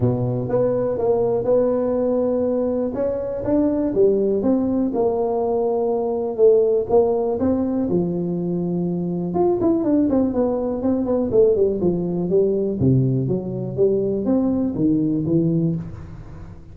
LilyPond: \new Staff \with { instrumentName = "tuba" } { \time 4/4 \tempo 4 = 122 b,4 b4 ais4 b4~ | b2 cis'4 d'4 | g4 c'4 ais2~ | ais4 a4 ais4 c'4 |
f2. f'8 e'8 | d'8 c'8 b4 c'8 b8 a8 g8 | f4 g4 c4 fis4 | g4 c'4 dis4 e4 | }